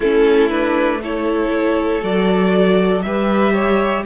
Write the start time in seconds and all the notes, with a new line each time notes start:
0.00 A3 C#4 E4 A4
0.50 D4 B4
1.01 E4 A4 C#5
2.01 F#3 F#4 D5
3.02 G3 G4 B4 E5
3.53 C#5